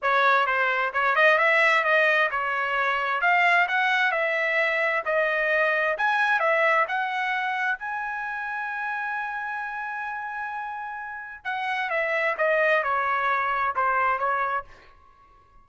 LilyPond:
\new Staff \with { instrumentName = "trumpet" } { \time 4/4 \tempo 4 = 131 cis''4 c''4 cis''8 dis''8 e''4 | dis''4 cis''2 f''4 | fis''4 e''2 dis''4~ | dis''4 gis''4 e''4 fis''4~ |
fis''4 gis''2.~ | gis''1~ | gis''4 fis''4 e''4 dis''4 | cis''2 c''4 cis''4 | }